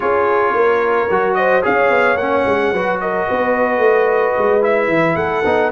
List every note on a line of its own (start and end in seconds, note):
0.00 0.53 C#4
0.00 1.08 F4
0.00 0.54 G#4
0.00 1.34 C#5
0.53 1.08 A#3
0.53 1.37 A#4
1.09 1.64 F#3
1.09 1.62 F#4
1.34 1.63 C5
1.34 1.61 D#5
1.62 1.89 C#4
1.62 2.16 G#4
1.62 2.72 C#5
1.62 2.17 F5
1.89 2.16 B3
2.16 2.43 A#3
2.16 2.75 C#4
2.16 2.99 F#5
2.45 2.72 G#3
2.72 3.27 F#3
2.72 4.61 F#4
2.72 3.00 B4
3.00 3.27 A#4
3.00 4.63 D#5
3.27 3.78 B3
3.27 5.18 B4
3.78 4.32 A3
4.37 4.88 G#3
4.61 5.43 E4
4.61 5.16 E5
4.88 5.15 E3
5.15 5.43 A3
5.15 5.71 A4
5.15 5.70 F#5
5.45 5.71 B3
5.45 5.71 D#4